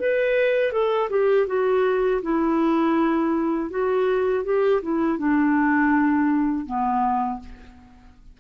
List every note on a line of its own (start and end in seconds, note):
0.00 0.72 B4
0.72 1.09 A4
1.10 1.47 G4
1.47 2.22 F#4
2.22 3.70 E4
3.70 4.44 F#4
4.44 4.81 G4
4.82 5.19 E4
5.19 6.66 D4
6.66 7.40 B3